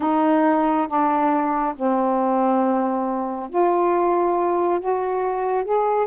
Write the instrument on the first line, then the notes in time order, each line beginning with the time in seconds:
saxophone
0.00 D#4
0.87 D4
1.75 C4
3.49 F4
4.80 F#4
5.64 G#4